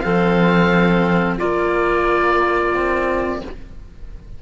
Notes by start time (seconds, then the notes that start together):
0.00 F3 C4 A4 F5
1.38 A#3 F4 D5
2.75 C4